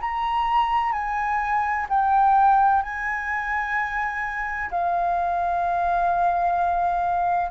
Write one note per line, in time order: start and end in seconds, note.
0.00 0.92 A#5
0.92 1.86 G#5
1.89 2.82 G5
2.82 4.70 G#5
4.70 7.50 F5